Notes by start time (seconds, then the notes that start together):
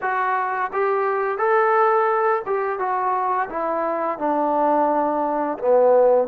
0.01 F#4
0.73 G4
1.38 A4
2.46 G4
2.79 F#4
3.49 E4
4.18 D4
5.58 B3